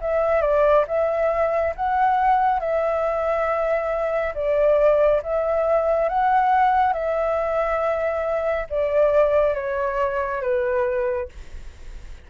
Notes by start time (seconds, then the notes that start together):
0.00 E5
0.41 D5
0.87 E5
1.75 F#5
2.60 E5
4.34 D5
5.22 E5
6.09 F#5
6.93 E5
8.69 D5
9.54 C#5
10.41 B4